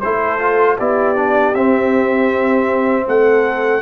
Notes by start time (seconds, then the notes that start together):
0.00 A3 E4 A4 C5
0.39 F4
0.76 B3 E4 G4 D5
1.15 D4
1.54 C4 E5
3.07 A3 A4 F#5